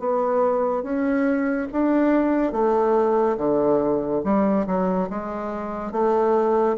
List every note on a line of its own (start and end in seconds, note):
0.00 0.83 B3
0.83 1.68 C#4
1.73 2.53 D4
2.53 3.37 A3
3.38 4.22 D3
4.24 4.67 G3
4.67 5.09 F#3
5.10 5.92 G#3
5.92 6.77 A3